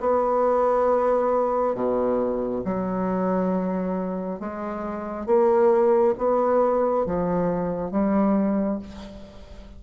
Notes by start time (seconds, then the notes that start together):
0.00 B3
1.74 B2
2.64 F#3
4.40 G#3
5.26 A#3
6.18 B3
7.06 F3
7.91 G3